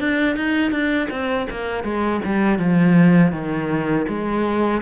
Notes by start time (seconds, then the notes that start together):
0.00 D4
0.36 D#4
0.71 D4
1.10 C4
1.50 A#3
1.84 G#3
2.25 G3
2.59 F3
3.32 D#3
4.08 G#3